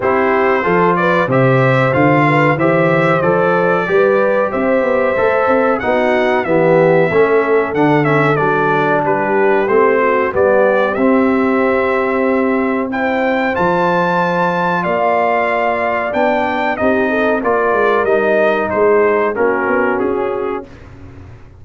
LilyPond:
<<
  \new Staff \with { instrumentName = "trumpet" } { \time 4/4 \tempo 4 = 93 c''4. d''8 e''4 f''4 | e''4 d''2 e''4~ | e''4 fis''4 e''2 | fis''8 e''8 d''4 b'4 c''4 |
d''4 e''2. | g''4 a''2 f''4~ | f''4 g''4 dis''4 d''4 | dis''4 c''4 ais'4 gis'4 | }
  \new Staff \with { instrumentName = "horn" } { \time 4/4 g'4 a'8 b'8 c''4. b'8 | c''2 b'4 c''4~ | c''4 fis'4 g'4 a'4~ | a'2 g'4. fis'8 |
g'1 | c''2. d''4~ | d''2 g'8 a'8 ais'4~ | ais'4 gis'4 fis'2 | }
  \new Staff \with { instrumentName = "trombone" } { \time 4/4 e'4 f'4 g'4 f'4 | g'4 a'4 g'2 | a'4 dis'4 b4 cis'4 | d'8 cis'8 d'2 c'4 |
b4 c'2. | e'4 f'2.~ | f'4 d'4 dis'4 f'4 | dis'2 cis'2 | }
  \new Staff \with { instrumentName = "tuba" } { \time 4/4 c'4 f4 c4 d4 | e4 f4 g4 c'8 b8 | a8 c'8 b4 e4 a4 | d4 fis4 g4 a4 |
g4 c'2.~ | c'4 f2 ais4~ | ais4 b4 c'4 ais8 gis8 | g4 gis4 ais8 b8 cis'4 | }
>>